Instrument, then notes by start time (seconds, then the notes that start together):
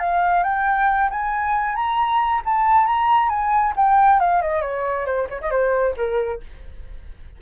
flute
0.00 F5
0.44 G5
1.10 G#5
1.75 A#5
2.45 A5
2.86 A#5
3.29 G#5
3.77 G5
4.20 F5
4.42 D#5
4.62 C#5
5.06 C5
5.30 C#5
5.41 D#5
5.51 C5
5.97 A#4